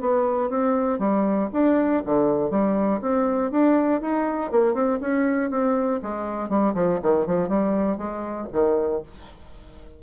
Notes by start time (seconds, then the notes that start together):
0.00 B3
0.49 C4
0.99 G3
1.52 D4
2.05 D3
2.50 G3
3.01 C4
3.51 D4
4.01 D#4
4.51 A#3
4.74 C4
5.00 C#4
5.50 C4
6.02 G#3
6.49 G3
6.74 F3
7.02 D#3
7.26 F3
7.48 G3
7.97 G#3
8.52 D#3